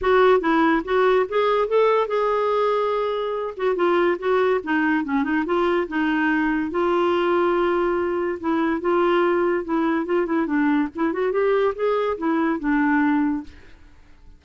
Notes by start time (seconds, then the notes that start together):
0.01 F#4
0.40 E4
0.84 F#4
1.29 G#4
1.67 A4
2.07 G#4
3.56 F#4
3.75 F4
4.18 F#4
4.63 D#4
5.04 C#4
5.23 D#4
5.45 F4
5.88 D#4
6.71 F4
8.40 E4
8.80 F4
9.64 E4
10.05 F4
10.26 E4
10.46 D4
10.95 E4
11.12 F#4
11.32 G4
11.75 G#4
12.17 E4
12.59 D4